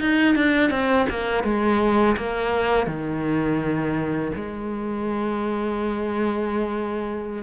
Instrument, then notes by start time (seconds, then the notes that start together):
cello
0.00 D#4
0.35 D4
0.70 C4
1.09 A#3
1.43 G#3
2.17 A#3
2.87 D#3
4.35 G#3